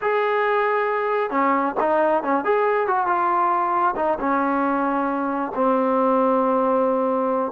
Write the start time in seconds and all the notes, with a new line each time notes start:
0.01 G#4
1.30 C#4
1.80 D#4
2.23 C#4
2.44 G#4
2.87 F#4
3.06 F4
3.96 D#4
4.19 C#4
5.54 C4